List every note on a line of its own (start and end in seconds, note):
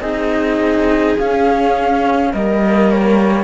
0.00 1.16 C4
0.00 1.18 D#4
0.00 2.31 G#4
0.00 1.15 D#5
1.19 2.34 C#4
1.19 2.34 F5
2.32 3.44 G3
2.32 3.44 A#3
2.32 3.44 A#4
2.32 2.90 D#5
2.90 3.44 C#5